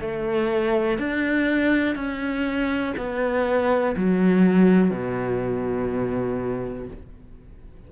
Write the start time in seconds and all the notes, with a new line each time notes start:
0.00 A3
0.98 D4
1.95 C#4
2.96 B3
3.96 F#3
4.90 B2